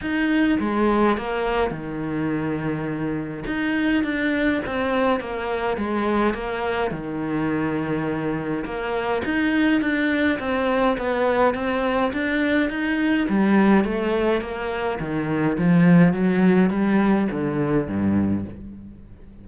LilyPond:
\new Staff \with { instrumentName = "cello" } { \time 4/4 \tempo 4 = 104 dis'4 gis4 ais4 dis4~ | dis2 dis'4 d'4 | c'4 ais4 gis4 ais4 | dis2. ais4 |
dis'4 d'4 c'4 b4 | c'4 d'4 dis'4 g4 | a4 ais4 dis4 f4 | fis4 g4 d4 g,4 | }